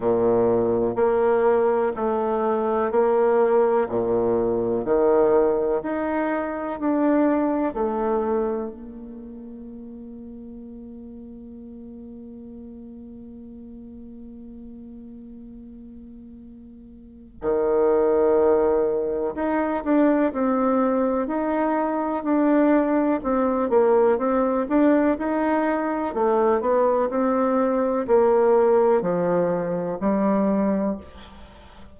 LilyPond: \new Staff \with { instrumentName = "bassoon" } { \time 4/4 \tempo 4 = 62 ais,4 ais4 a4 ais4 | ais,4 dis4 dis'4 d'4 | a4 ais2.~ | ais1~ |
ais2 dis2 | dis'8 d'8 c'4 dis'4 d'4 | c'8 ais8 c'8 d'8 dis'4 a8 b8 | c'4 ais4 f4 g4 | }